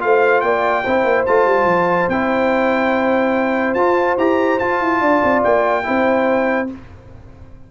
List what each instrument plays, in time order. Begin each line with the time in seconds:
0.00 tuba A3, trombone F4, horn C5, trumpet F5
0.41 tuba A#3, horn D5, trumpet G5
0.85 tuba C4, trombone E4, horn C5
1.05 tuba A#3
1.26 tuba A3, trombone F4, trumpet A5
1.46 tuba G3
1.66 tuba F3
2.09 tuba C4, trombone E4, trumpet G5
3.74 tuba F4, trombone F4, trumpet A5
4.18 tuba E4, trombone G4, trumpet A#5
4.59 tuba F4, trombone F4, trumpet A5
4.80 tuba E4
5.01 tuba D4, horn D5
5.24 tuba C4
5.44 tuba A#3, trumpet G5
5.84 tuba C4, trombone E4, horn C5